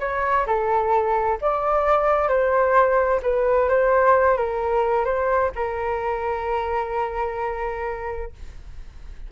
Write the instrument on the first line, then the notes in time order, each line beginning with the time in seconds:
flute
0.00 C#5
0.46 A4
1.41 D5
2.28 C5
3.22 B4
3.69 C5
4.37 A#4
5.05 C5
5.55 A#4